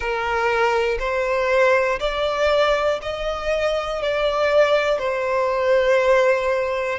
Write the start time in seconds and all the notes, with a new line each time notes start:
0.00 A#4
0.99 C5
1.99 D5
3.02 D#5
4.02 D5
4.99 C5